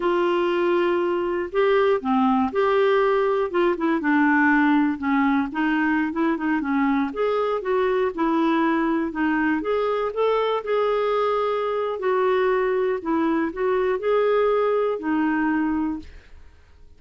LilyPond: \new Staff \with { instrumentName = "clarinet" } { \time 4/4 \tempo 4 = 120 f'2. g'4 | c'4 g'2 f'8 e'8 | d'2 cis'4 dis'4~ | dis'16 e'8 dis'8 cis'4 gis'4 fis'8.~ |
fis'16 e'2 dis'4 gis'8.~ | gis'16 a'4 gis'2~ gis'8. | fis'2 e'4 fis'4 | gis'2 dis'2 | }